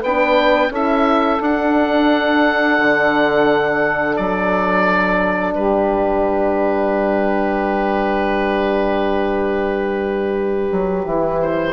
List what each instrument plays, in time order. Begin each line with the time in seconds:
0.00 bassoon B3, saxophone B4, oboe G5
0.06 horn D4
0.70 bassoon C#4, horn E4, saxophone A4, oboe E5
1.41 bassoon D4, horn D4, oboe F#5
2.78 bassoon D3
4.16 bassoon F#3, oboe D5
5.53 bassoon G3, saxophone G4, oboe B4
10.72 bassoon F#3
11.03 bassoon E3, horn E4
11.41 oboe C5